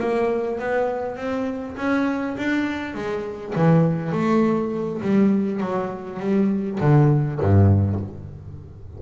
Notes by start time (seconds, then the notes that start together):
0.00 A#3
0.59 B3
1.17 C4
1.77 C#4
2.37 D4
2.95 G#3
3.55 E3
4.12 A3
5.02 G3
5.61 F#3
6.20 G3
6.80 D3
7.41 G2